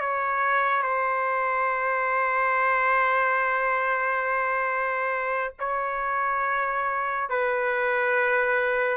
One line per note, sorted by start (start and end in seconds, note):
0.00 0.83 C#5
0.83 5.54 C5
5.59 7.29 C#5
7.29 8.97 B4